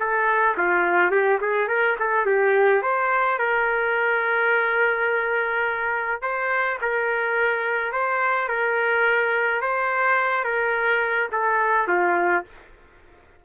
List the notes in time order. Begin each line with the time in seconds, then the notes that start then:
0.00 A4
0.58 F4
1.11 G4
1.41 G#4
1.68 A#4
2.00 A4
2.26 G4
2.83 C5
3.39 A#4
6.22 C5
6.82 A#4
7.93 C5
8.48 A#4
9.61 C5
10.45 A#4
11.32 A4
11.88 F4